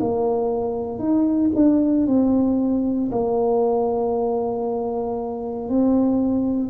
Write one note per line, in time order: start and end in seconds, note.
0.00 0.99 A#3
0.99 1.51 D#4
1.55 2.07 D4
2.07 3.10 C4
3.12 5.69 A#3
5.69 6.70 C4